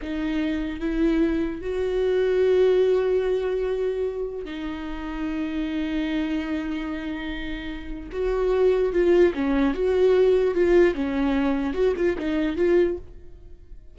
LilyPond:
\new Staff \with { instrumentName = "viola" } { \time 4/4 \tempo 4 = 148 dis'2 e'2 | fis'1~ | fis'2. dis'4~ | dis'1~ |
dis'1 | fis'2 f'4 cis'4 | fis'2 f'4 cis'4~ | cis'4 fis'8 f'8 dis'4 f'4 | }